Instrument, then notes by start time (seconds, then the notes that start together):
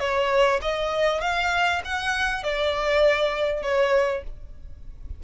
violin
0.00 C#5
0.62 D#5
1.21 F5
1.85 F#5
2.44 D5
3.63 C#5